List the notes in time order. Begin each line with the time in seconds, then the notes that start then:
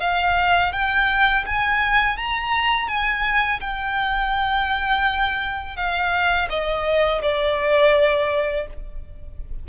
0.00 F5
0.72 G5
1.46 G#5
2.17 A#5
2.88 G#5
3.60 G5
5.76 F5
6.49 D#5
7.22 D5